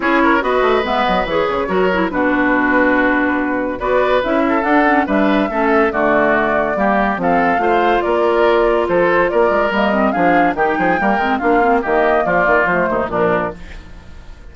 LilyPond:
<<
  \new Staff \with { instrumentName = "flute" } { \time 4/4 \tempo 4 = 142 cis''4 dis''4 e''8 dis''8 cis''4~ | cis''4 b'2.~ | b'4 d''4 e''4 fis''4 | e''2 d''2~ |
d''4 f''2 d''4~ | d''4 c''4 d''4 dis''4 | f''4 g''2 f''4 | dis''4 d''4 c''4 ais'4 | }
  \new Staff \with { instrumentName = "oboe" } { \time 4/4 gis'8 ais'8 b'2. | ais'4 fis'2.~ | fis'4 b'4. a'4. | b'4 a'4 fis'2 |
g'4 a'4 c''4 ais'4~ | ais'4 a'4 ais'2 | gis'4 g'8 gis'8 ais'4 f'4 | g'4 f'4. dis'8 d'4 | }
  \new Staff \with { instrumentName = "clarinet" } { \time 4/4 e'4 fis'4 b4 gis'4 | fis'8 e'8 d'2.~ | d'4 fis'4 e'4 d'8 cis'8 | d'4 cis'4 a2 |
ais4 c'4 f'2~ | f'2. ais8 c'8 | d'4 dis'4 ais8 c'8 d'8 c'8 | ais2 a4 f4 | }
  \new Staff \with { instrumentName = "bassoon" } { \time 4/4 cis'4 b8 a8 gis8 fis8 e8 cis8 | fis4 b,2.~ | b,4 b4 cis'4 d'4 | g4 a4 d2 |
g4 f4 a4 ais4~ | ais4 f4 ais8 gis8 g4 | f4 dis8 f8 g8 gis8 ais4 | dis4 f8 dis8 f8 dis,8 ais,4 | }
>>